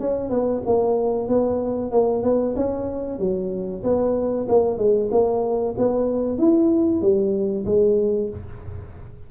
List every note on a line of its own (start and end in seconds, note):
0.00 0.30 C#4
0.30 0.62 B3
0.66 1.29 A#3
1.29 1.92 B3
1.92 2.23 A#3
2.23 2.55 B3
2.56 3.20 C#4
3.20 3.84 F#3
3.84 4.48 B3
4.49 4.78 A#3
4.78 5.10 G#3
5.12 5.75 A#3
5.78 6.39 B3
6.39 7.02 E4
7.02 7.65 G3
7.66 8.30 G#3